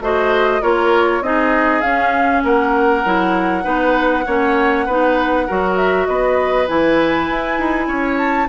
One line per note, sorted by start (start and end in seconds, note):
0.00 0.61 A3
0.00 0.61 F#4
0.00 0.62 C5
0.00 0.62 D#5
0.61 1.21 A#3
0.61 1.22 F4
0.61 1.22 A#4
0.61 1.23 C#5
1.21 1.81 C4
1.21 1.82 D#4
1.21 2.44 G#4
1.21 1.81 D#5
1.81 3.03 C#4
1.81 2.44 C#4
1.81 2.41 F5
2.44 3.04 A#3
2.44 3.64 A#4
2.44 5.76 F#5
3.04 3.65 F#3
3.04 3.63 E4
3.63 4.25 B3
3.63 4.23 D#4
3.63 4.24 B4
4.26 4.87 A#3
4.26 4.88 C#4
4.26 4.85 C#5
4.85 5.47 B3
4.85 5.48 D#4
4.85 5.46 B4
5.47 6.08 F#3
5.47 6.67 F#4
5.47 6.07 A#4
5.76 6.06 E5
6.06 6.68 B3
6.06 7.87 B4
6.06 6.67 D#5
6.67 7.30 E3
6.67 8.49 E4
6.67 8.17 G#5
7.30 7.58 E4
7.58 7.87 D#4
7.87 8.48 C#4
7.87 8.48 C#5
8.17 8.48 A5